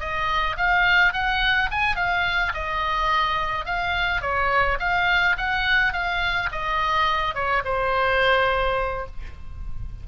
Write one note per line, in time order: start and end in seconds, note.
0.00 0.57 D#5
0.57 1.13 F5
1.13 1.70 F#5
1.71 1.96 G#5
1.96 2.53 F5
2.54 3.66 D#5
3.66 4.22 F5
4.22 4.78 C#5
4.80 5.36 F5
5.37 5.93 F#5
5.93 6.50 F5
6.52 7.35 D#5
7.35 7.63 C#5
7.65 9.06 C5